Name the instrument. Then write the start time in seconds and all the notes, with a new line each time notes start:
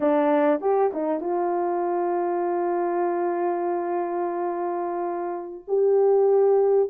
horn
0.00 D4
0.60 G4
0.93 D#4
1.20 F4
5.67 G4